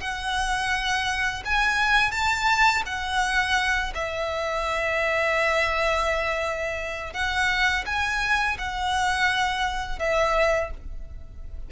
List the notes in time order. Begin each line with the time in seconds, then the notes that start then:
0.00 F#5
1.44 G#5
2.11 A5
2.85 F#5
3.94 E5
7.13 F#5
7.86 G#5
8.58 F#5
9.99 E5